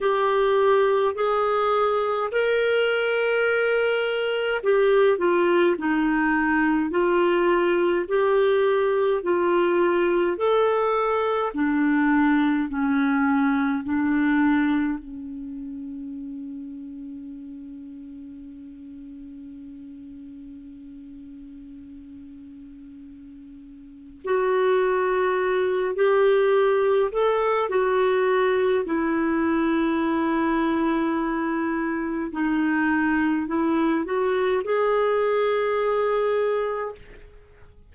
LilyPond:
\new Staff \with { instrumentName = "clarinet" } { \time 4/4 \tempo 4 = 52 g'4 gis'4 ais'2 | g'8 f'8 dis'4 f'4 g'4 | f'4 a'4 d'4 cis'4 | d'4 cis'2.~ |
cis'1~ | cis'4 fis'4. g'4 a'8 | fis'4 e'2. | dis'4 e'8 fis'8 gis'2 | }